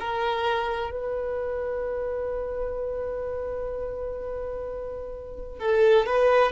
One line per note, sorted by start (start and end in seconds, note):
0.00 0.91 A#4
0.91 5.60 B4
5.60 6.06 A4
6.06 6.52 B4